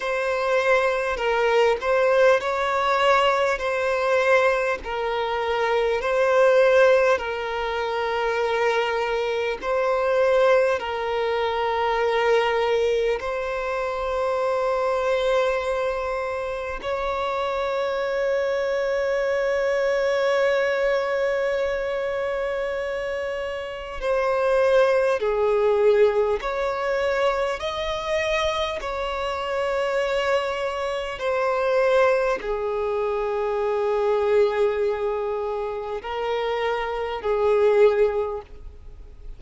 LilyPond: \new Staff \with { instrumentName = "violin" } { \time 4/4 \tempo 4 = 50 c''4 ais'8 c''8 cis''4 c''4 | ais'4 c''4 ais'2 | c''4 ais'2 c''4~ | c''2 cis''2~ |
cis''1 | c''4 gis'4 cis''4 dis''4 | cis''2 c''4 gis'4~ | gis'2 ais'4 gis'4 | }